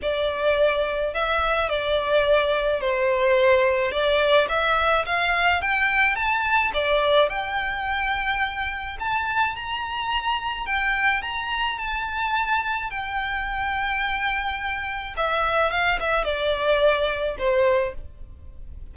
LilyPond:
\new Staff \with { instrumentName = "violin" } { \time 4/4 \tempo 4 = 107 d''2 e''4 d''4~ | d''4 c''2 d''4 | e''4 f''4 g''4 a''4 | d''4 g''2. |
a''4 ais''2 g''4 | ais''4 a''2 g''4~ | g''2. e''4 | f''8 e''8 d''2 c''4 | }